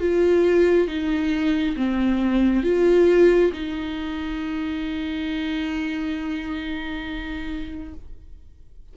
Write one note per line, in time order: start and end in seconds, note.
0.00 0.88 F4
0.88 1.76 D#4
1.76 2.64 C4
2.64 3.52 F4
3.53 7.94 D#4